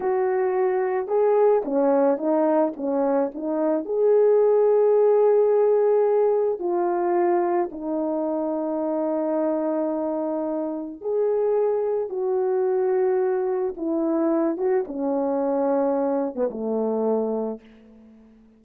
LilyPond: \new Staff \with { instrumentName = "horn" } { \time 4/4 \tempo 4 = 109 fis'2 gis'4 cis'4 | dis'4 cis'4 dis'4 gis'4~ | gis'1 | f'2 dis'2~ |
dis'1 | gis'2 fis'2~ | fis'4 e'4. fis'8 cis'4~ | cis'4.~ cis'16 b16 a2 | }